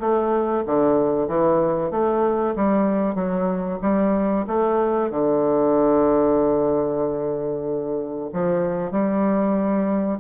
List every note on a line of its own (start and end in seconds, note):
0.00 0.64 A3
0.66 1.28 D3
1.28 1.91 E3
1.91 2.55 A3
2.56 3.15 G3
3.15 3.79 F#3
3.82 4.46 G3
4.47 5.11 A3
5.11 8.30 D3
8.33 8.92 F3
8.92 10.19 G3